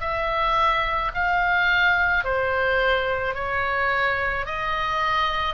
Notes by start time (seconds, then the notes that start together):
0.00 E5
1.14 F5
2.24 C5
3.34 C#5
4.45 D#5